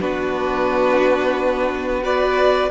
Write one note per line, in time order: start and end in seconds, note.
0.00 2.70 B3
0.00 2.02 D4
0.00 2.03 F#4
0.00 2.03 B4
2.02 2.69 F#4
2.02 2.70 B4
2.02 2.71 D5